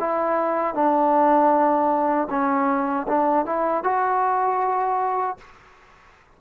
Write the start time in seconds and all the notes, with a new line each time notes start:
0.00 E4
0.75 D4
2.30 C#4
3.08 D4
3.46 E4
3.84 F#4